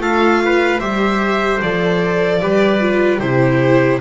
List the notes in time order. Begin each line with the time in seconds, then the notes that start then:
0.00 A3 F4 A4 F5
0.45 B4
0.80 G3 G4 C5 E5
1.62 F3 A4 D5
2.41 G3 G4 B4
2.81 F4
3.20 C3 E4 G4 C5